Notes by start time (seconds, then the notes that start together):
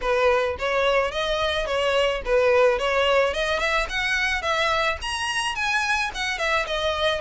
0.01 B4
0.58 C#5
1.11 D#5
1.66 C#5
2.25 B4
2.79 C#5
3.33 D#5
3.59 E5
3.89 F#5
4.41 E5
5.01 A#5
5.55 G#5
6.14 F#5
6.38 E5
6.66 D#5